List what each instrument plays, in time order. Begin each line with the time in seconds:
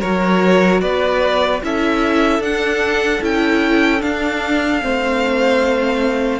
0.00 cello F#3, viola F#4, violin A#4 C#5
0.80 cello B3, violin B4 D5
1.62 cello C#4, viola E4, violin A4 E5
2.39 cello D4, viola D4, violin F#5
3.21 cello C#4, viola E4, violin G5
3.99 viola D4, cello D4, violin F5
4.81 cello A3, viola C4, violin C5